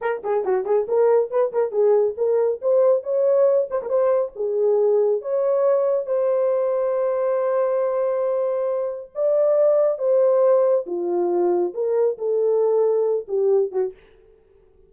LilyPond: \new Staff \with { instrumentName = "horn" } { \time 4/4 \tempo 4 = 138 ais'8 gis'8 fis'8 gis'8 ais'4 b'8 ais'8 | gis'4 ais'4 c''4 cis''4~ | cis''8 c''16 ais'16 c''4 gis'2 | cis''2 c''2~ |
c''1~ | c''4 d''2 c''4~ | c''4 f'2 ais'4 | a'2~ a'8 g'4 fis'8 | }